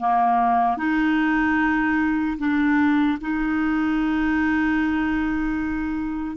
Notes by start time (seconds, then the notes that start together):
0.00 A#3
0.78 D#4
2.39 D4
3.21 D#4